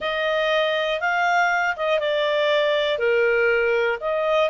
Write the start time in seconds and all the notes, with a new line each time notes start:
0.00 D#5
1.00 F5
1.76 D#5
1.99 D5
2.98 A#4
4.00 D#5